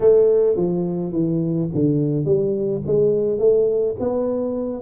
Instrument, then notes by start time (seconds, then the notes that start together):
tuba
0.00 A3
0.56 F3
1.12 E3
1.74 D3
2.25 G3
2.86 G#3
3.38 A3
3.99 B3